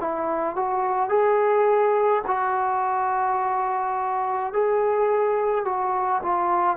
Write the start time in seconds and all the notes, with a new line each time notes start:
0.00 E4
0.56 F#4
1.09 G#4
2.27 F#4
4.53 G#4
5.64 F#4
6.23 F4